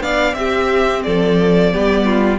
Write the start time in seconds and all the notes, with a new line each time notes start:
0.00 B3 D4 D5 F5
0.34 C4 G4 E5
1.03 F3 A4 D5
1.72 G3 B3 G4
2.06 F4